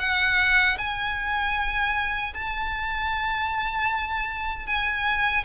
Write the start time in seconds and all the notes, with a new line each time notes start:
0.00 F#5
0.78 G#5
2.34 A5
4.67 G#5